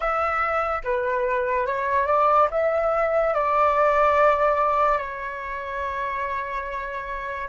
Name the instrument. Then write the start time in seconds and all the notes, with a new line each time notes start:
flute
0.00 E5
0.83 B4
1.66 C#5
2.06 D5
2.50 E5
3.33 D5
4.98 C#5